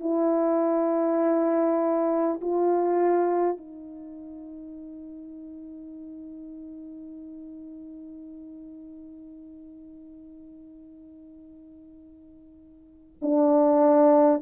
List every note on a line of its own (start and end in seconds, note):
0.00 2.40 E4
2.41 3.57 F4
3.57 13.17 D#4
13.21 14.41 D4